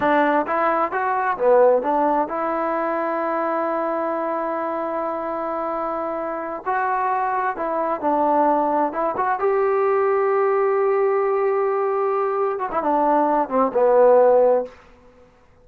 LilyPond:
\new Staff \with { instrumentName = "trombone" } { \time 4/4 \tempo 4 = 131 d'4 e'4 fis'4 b4 | d'4 e'2.~ | e'1~ | e'2~ e'8 fis'4.~ |
fis'8 e'4 d'2 e'8 | fis'8 g'2.~ g'8~ | g'2.~ g'8 fis'16 e'16 | d'4. c'8 b2 | }